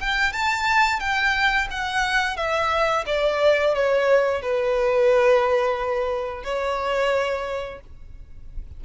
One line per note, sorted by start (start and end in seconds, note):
0.00 0.33 G5
0.33 0.99 A5
0.99 1.68 G5
1.71 2.36 F#5
2.36 3.05 E5
3.06 3.74 D5
3.74 4.42 C#5
4.42 6.44 B4
6.44 7.80 C#5